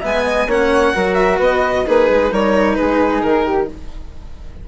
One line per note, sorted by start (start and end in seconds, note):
0.00 0.46 G#3
0.00 0.48 B3
0.00 0.23 E5
0.00 0.51 G#5
0.23 0.46 D#5
0.46 0.92 A#3
0.46 0.93 C#4
0.46 0.93 C#5
0.46 1.14 F#5
0.93 1.39 F#3
0.93 1.85 F#4
0.93 1.37 A#4
1.14 1.37 E5
1.37 1.84 B3
1.37 1.83 B4
1.37 1.87 D#5
1.85 2.09 A#3
1.85 2.31 D#4
1.85 2.30 G#4
1.85 2.33 B4
2.09 2.31 G#3
2.30 2.77 G3
2.30 3.68 D#4
2.30 2.77 A#4
2.30 2.74 C#5
2.74 3.45 G#4
2.74 3.20 B4
2.81 3.21 G#3
3.21 3.67 D#3
3.21 3.67 A#4
3.45 3.68 G4